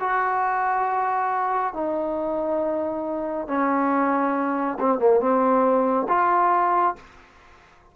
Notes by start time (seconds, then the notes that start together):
0.00 F#4
1.74 D#4
3.47 C#4
4.80 C4
4.99 A#3
5.20 C4
6.08 F4